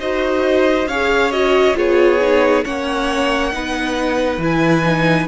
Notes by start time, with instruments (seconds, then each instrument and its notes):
0.00 cello D#4, viola F#4, violin C5 D#5
0.86 cello C#4, viola G#4, violin C#5 F5
1.31 viola F#4, violin D#5
1.75 cello B3, viola F4, violin G#4 C#5
2.20 viola D#4
2.65 cello A#3, viola C#4, violin C#5 F#5
3.52 cello B3, viola D#4, violin B4
4.38 cello E3, viola E4
4.44 violin G#5
4.83 viola D#4